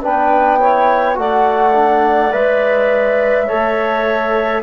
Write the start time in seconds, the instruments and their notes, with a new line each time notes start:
0.00 bassoon B3, trombone D4, clarinet B4, flute G5
0.59 trombone E4, clarinet C#5
1.14 bassoon A3, trombone F#4, clarinet D5, flute F#5
1.73 trombone D4
2.32 bassoon G#3, trombone B4, flute E5
3.46 bassoon A3, trombone A4, clarinet C#5